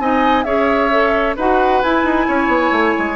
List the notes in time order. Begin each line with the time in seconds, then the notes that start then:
0.00 C4 D#4 D#5 G#5
0.44 C#4 G#4 C#5 E5
0.92 A4
1.37 D#4 F#4 B4 F#5
1.82 E4 G#5
2.04 D#4
2.28 C#4 C#5
2.48 B3
2.72 A3
2.98 G#3